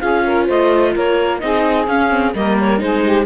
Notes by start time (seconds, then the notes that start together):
0.00 C#4 F4 G#4 F5
0.26 A#4
0.46 A3 C5 D#5
0.94 A#3 A#4 C#5
1.39 C4 D#4 G#4 D#5
1.87 C#4 F5
2.10 C4
2.34 G3 A#3 A#4 D#5
2.61 C#5
2.78 G#3 D#4 G#4 C5
3.03 G4